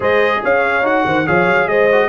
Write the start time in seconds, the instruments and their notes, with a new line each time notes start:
0.00 tuba G#3, trombone G#4, horn C5, trumpet D#5
0.43 tuba C#4, horn C#5, trumpet F5
0.82 tuba D#4, trombone F#4, trumpet F#5
1.05 tuba D#3, horn C5
1.26 tuba F3, trombone G#4, horn C#5, trumpet F5
1.46 tuba F#3
1.66 tuba G#3, horn C5, trumpet D#5
1.92 trombone F#4